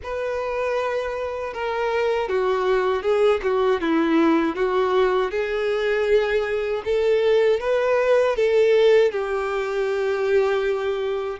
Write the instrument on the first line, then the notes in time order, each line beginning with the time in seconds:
violin
0.03 B4
1.53 A#4
2.28 F#4
3.02 G#4
3.42 F#4
3.80 E4
4.55 F#4
5.31 G#4
6.85 A4
7.59 B4
8.36 A4
9.11 G4